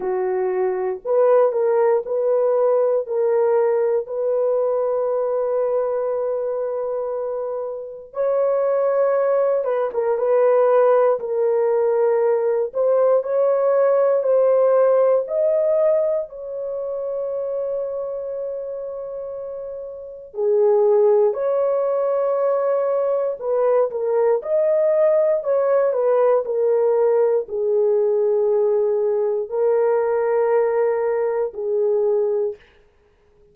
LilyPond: \new Staff \with { instrumentName = "horn" } { \time 4/4 \tempo 4 = 59 fis'4 b'8 ais'8 b'4 ais'4 | b'1 | cis''4. b'16 ais'16 b'4 ais'4~ | ais'8 c''8 cis''4 c''4 dis''4 |
cis''1 | gis'4 cis''2 b'8 ais'8 | dis''4 cis''8 b'8 ais'4 gis'4~ | gis'4 ais'2 gis'4 | }